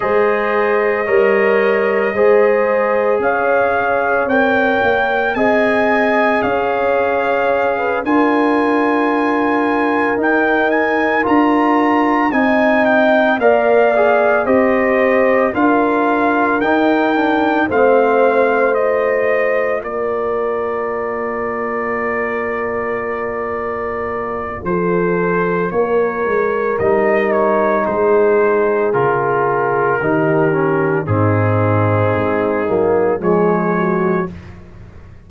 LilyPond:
<<
  \new Staff \with { instrumentName = "trumpet" } { \time 4/4 \tempo 4 = 56 dis''2. f''4 | g''4 gis''4 f''4. gis''8~ | gis''4. g''8 gis''8 ais''4 gis''8 | g''8 f''4 dis''4 f''4 g''8~ |
g''8 f''4 dis''4 d''4.~ | d''2. c''4 | cis''4 dis''8 cis''8 c''4 ais'4~ | ais'4 gis'2 cis''4 | }
  \new Staff \with { instrumentName = "horn" } { \time 4/4 c''4 cis''4 c''4 cis''4~ | cis''4 dis''4 cis''4~ cis''16 b'16 ais'8~ | ais'2.~ ais'8 dis''8~ | dis''8 d''4 c''4 ais'4.~ |
ais'8 c''2 ais'4.~ | ais'2. a'4 | ais'2 gis'2 | g'4 dis'2 gis'8 fis'8 | }
  \new Staff \with { instrumentName = "trombone" } { \time 4/4 gis'4 ais'4 gis'2 | ais'4 gis'2~ gis'8 f'8~ | f'4. dis'4 f'4 dis'8~ | dis'8 ais'8 gis'8 g'4 f'4 dis'8 |
d'8 c'4 f'2~ f'8~ | f'1~ | f'4 dis'2 f'4 | dis'8 cis'8 c'4. ais8 gis4 | }
  \new Staff \with { instrumentName = "tuba" } { \time 4/4 gis4 g4 gis4 cis'4 | c'8 ais8 c'4 cis'4. d'8~ | d'4. dis'4 d'4 c'8~ | c'8 ais4 c'4 d'4 dis'8~ |
dis'8 a2 ais4.~ | ais2. f4 | ais8 gis8 g4 gis4 cis4 | dis4 gis,4 gis8 fis8 f4 | }
>>